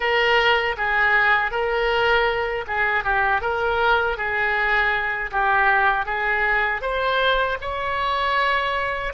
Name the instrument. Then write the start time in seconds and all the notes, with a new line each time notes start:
oboe
0.00 A#4
0.77 G#4
1.51 A#4
2.67 G#4
3.03 G4
3.41 A#4
4.17 G#4
5.31 G4
6.06 G#4
6.81 C5
7.61 C#5